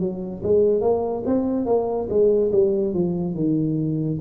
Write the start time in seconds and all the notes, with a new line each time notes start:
0.00 F#3
0.43 G#3
0.81 A#3
1.26 C4
1.66 A#3
2.10 G#3
2.52 G3
2.94 F3
3.35 D#3